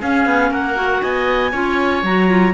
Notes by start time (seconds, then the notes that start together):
0.00 C#4 G#4 F5
0.26 B3
0.51 A#3 A#4 F#5
0.75 F#4
1.02 B3 D#5 G#5
1.51 C#4 F4 C#5
2.03 F#3 F#4 A#5
2.28 F4